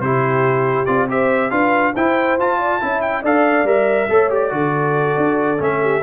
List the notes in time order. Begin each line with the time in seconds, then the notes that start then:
0.00 C3 E4 G4 C5
0.86 C4 F4 D5
1.09 G4 C5 E5
1.51 D4 F4 B4 F5
1.95 E4 C5 G5
2.38 F4 A5
2.58 D5
2.81 C#4 E4 E5
3.01 G5
3.23 D4 A4 D5 F5
3.64 G3 A#4 E5
4.10 A3 A4 C#5
4.30 G4 D5
4.51 D3 F#4 A4
5.17 D4
5.58 A3 C#4 E5
5.82 G4